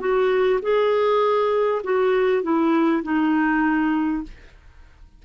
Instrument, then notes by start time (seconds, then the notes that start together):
clarinet
0.00 F#4
0.62 G#4
1.84 F#4
2.43 E4
3.03 D#4